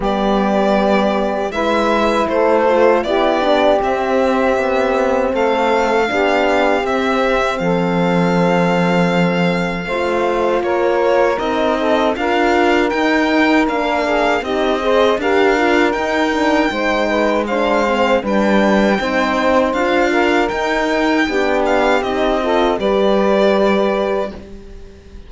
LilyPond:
<<
  \new Staff \with { instrumentName = "violin" } { \time 4/4 \tempo 4 = 79 d''2 e''4 c''4 | d''4 e''2 f''4~ | f''4 e''4 f''2~ | f''2 cis''4 dis''4 |
f''4 g''4 f''4 dis''4 | f''4 g''2 f''4 | g''2 f''4 g''4~ | g''8 f''8 dis''4 d''2 | }
  \new Staff \with { instrumentName = "saxophone" } { \time 4/4 g'2 b'4 a'4 | g'2. a'4 | g'2 a'2~ | a'4 c''4 ais'4. a'8 |
ais'2~ ais'8 gis'8 g'8 c''8 | ais'2 c''8 b'8 c''4 | b'4 c''4. ais'4. | g'4. a'8 b'2 | }
  \new Staff \with { instrumentName = "horn" } { \time 4/4 b2 e'4. f'8 | e'8 d'8 c'2. | d'4 c'2.~ | c'4 f'2 dis'4 |
f'4 dis'4 d'4 dis'8 gis'8 | g'8 f'8 dis'8 d'8 dis'4 d'8 c'8 | d'4 dis'4 f'4 dis'4 | d'4 dis'8 f'8 g'2 | }
  \new Staff \with { instrumentName = "cello" } { \time 4/4 g2 gis4 a4 | b4 c'4 b4 a4 | b4 c'4 f2~ | f4 a4 ais4 c'4 |
d'4 dis'4 ais4 c'4 | d'4 dis'4 gis2 | g4 c'4 d'4 dis'4 | b4 c'4 g2 | }
>>